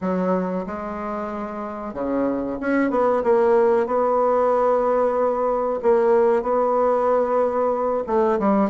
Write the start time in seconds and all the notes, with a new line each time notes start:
0.01 F#3
0.66 G#3
1.93 C#3
2.60 C#4
2.90 B3
3.23 A#3
3.86 B3
5.82 A#3
6.42 B3
8.06 A3
8.39 G3